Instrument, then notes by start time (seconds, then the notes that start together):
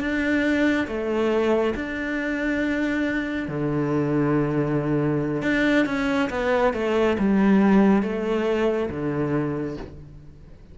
cello
0.00 D4
0.87 A3
1.75 D4
3.48 D3
5.42 D4
5.86 C#4
6.30 B3
6.74 A3
7.19 G3
8.02 A3
8.90 D3